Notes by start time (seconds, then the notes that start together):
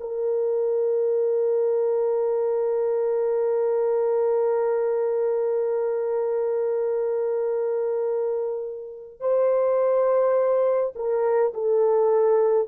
0.00 A#4
9.20 C5
10.95 A#4
11.53 A4